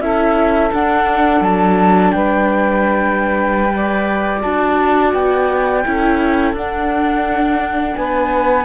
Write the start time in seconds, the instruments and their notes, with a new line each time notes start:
0.00 cello C#4, viola E4, saxophone A4, flute E5
0.72 viola D4, cello D4, flute F#5
1.41 cello F#3, flute A5
2.11 cello G3, saxophone B4, flute G5
3.68 viola B4
3.75 saxophone D5
4.41 cello D4, viola F#4, flute A5
5.13 cello B3, flute G5
5.85 cello C#4, viola E4, saxophone A4
6.53 cello D4, viola D4, flute F#5
7.95 cello B3, saxophone B4, flute G#5